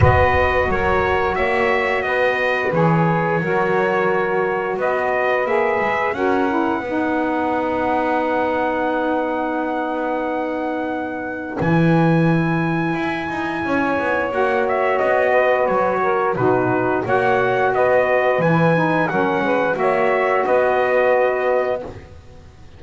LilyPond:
<<
  \new Staff \with { instrumentName = "trumpet" } { \time 4/4 \tempo 4 = 88 dis''4 cis''4 e''4 dis''4 | cis''2. dis''4 | e''4 fis''2.~ | fis''1~ |
fis''4 gis''2.~ | gis''4 fis''8 e''8 dis''4 cis''4 | b'4 fis''4 dis''4 gis''4 | fis''4 e''4 dis''2 | }
  \new Staff \with { instrumentName = "saxophone" } { \time 4/4 b'4 ais'4 cis''4 b'4~ | b'4 ais'2 b'4~ | b'4 ais'4 b'2~ | b'1~ |
b'1 | cis''2~ cis''8 b'4 ais'8 | fis'4 cis''4 b'2 | ais'8 b'8 cis''4 b'2 | }
  \new Staff \with { instrumentName = "saxophone" } { \time 4/4 fis'1 | gis'4 fis'2. | gis'4 fis'8 e'8 dis'2~ | dis'1~ |
dis'4 e'2.~ | e'4 fis'2. | dis'4 fis'2 e'8 dis'8 | cis'4 fis'2. | }
  \new Staff \with { instrumentName = "double bass" } { \time 4/4 b4 fis4 ais4 b4 | e4 fis2 b4 | ais8 gis8 cis'4 b2~ | b1~ |
b4 e2 e'8 dis'8 | cis'8 b8 ais4 b4 fis4 | b,4 ais4 b4 e4 | fis8 gis8 ais4 b2 | }
>>